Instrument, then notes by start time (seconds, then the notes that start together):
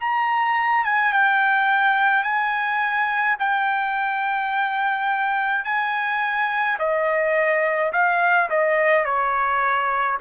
trumpet
0.00 A#5
0.84 G#5
1.13 G5
2.23 G#5
3.39 G5
5.64 G#5
6.79 D#5
7.92 F5
8.50 D#5
9.05 C#5